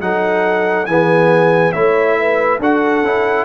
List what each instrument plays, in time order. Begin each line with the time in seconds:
0.00 tuba F#3, trombone D#4, horn A4, trumpet F#5
0.86 tuba E3, trombone B3, horn G#4, trumpet G#5
1.72 tuba A3, trombone E4, horn C#5, trumpet E5
2.19 horn B4
2.59 tuba D4, trombone F#4, horn A4, trumpet F#5
3.03 tuba C#4, trombone E4